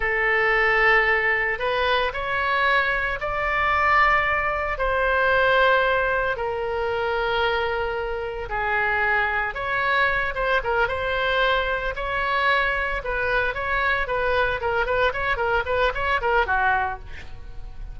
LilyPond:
\new Staff \with { instrumentName = "oboe" } { \time 4/4 \tempo 4 = 113 a'2. b'4 | cis''2 d''2~ | d''4 c''2. | ais'1 |
gis'2 cis''4. c''8 | ais'8 c''2 cis''4.~ | cis''8 b'4 cis''4 b'4 ais'8 | b'8 cis''8 ais'8 b'8 cis''8 ais'8 fis'4 | }